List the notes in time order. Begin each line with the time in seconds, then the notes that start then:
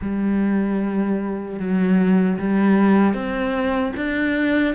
0.01 G3
1.59 F#3
2.38 G3
3.14 C4
3.96 D4